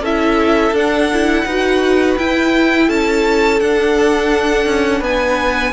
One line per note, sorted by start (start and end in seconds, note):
0.00 0.71 C#4
0.00 0.74 E4
0.00 1.45 A4
0.00 0.76 E5
0.72 1.43 D4
0.72 1.10 D4
0.72 2.18 F#5
1.13 1.48 E4
1.45 2.17 D#4
1.45 2.18 F#4
1.45 2.86 B4
2.18 2.89 E4
2.18 3.61 E4
2.18 2.89 G5
2.86 3.60 C#4
2.86 4.99 A4
2.86 3.60 A5
3.60 4.66 D4
3.60 5.72 D4
3.60 5.02 F#5
4.66 5.01 C#4
4.99 5.72 B3
4.99 5.71 B4
4.99 5.72 G#5